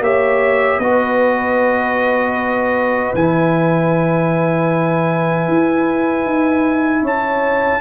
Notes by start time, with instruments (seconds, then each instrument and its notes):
0.00 tuba A#3, trombone G4, horn C#5, trumpet E5
0.79 tuba B3, trombone F#4, horn B4, trumpet D#5
3.14 tuba E3, trombone E4, trumpet G#5
5.48 tuba E4
6.25 tuba D#4
7.02 tuba C#4, horn C#5, trumpet A5